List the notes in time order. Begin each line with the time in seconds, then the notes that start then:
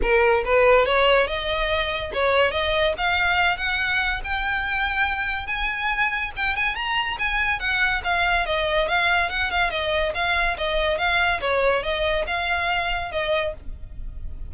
0.01 A#4
0.44 B4
0.85 C#5
1.27 D#5
2.13 C#5
2.51 D#5
2.97 F5
3.57 F#5
4.23 G5
5.46 G#5
6.36 G5
6.56 G#5
6.75 A#5
7.18 G#5
7.59 F#5
8.04 F5
8.46 D#5
8.88 F5
9.29 F#5
9.51 F5
9.70 D#5
10.14 F5
10.57 D#5
10.98 F5
11.40 C#5
11.83 D#5
12.27 F5
13.11 D#5